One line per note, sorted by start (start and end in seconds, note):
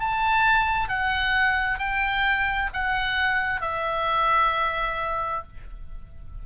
0.00 0.88 A5
0.88 1.79 F#5
1.79 2.70 G5
2.74 3.61 F#5
3.61 5.43 E5